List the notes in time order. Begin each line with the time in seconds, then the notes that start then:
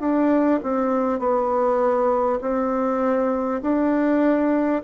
0.00 D4
0.62 C4
1.19 B3
2.41 C4
3.62 D4